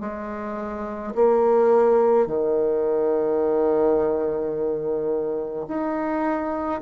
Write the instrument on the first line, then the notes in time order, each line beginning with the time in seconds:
bassoon
0.00 G#3
1.15 A#3
2.26 D#3
5.68 D#4